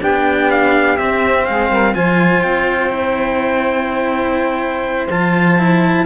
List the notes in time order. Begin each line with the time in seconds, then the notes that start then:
0.00 B3 D4 G4 G5
0.50 F5
0.97 C4 E5
1.45 G#3 G#4 F5
1.70 G3 A#4
1.94 F3 F4 C5 G#5
2.42 C4 G5
2.90 E4
5.09 F3 F4 A5
5.58 E4